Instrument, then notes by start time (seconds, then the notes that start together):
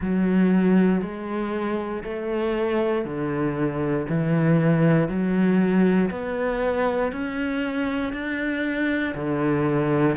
cello
0.00 F#3
1.01 G#3
2.03 A3
3.04 D3
4.09 E3
5.08 F#3
6.10 B3
7.11 C#4
8.12 D4
9.14 D3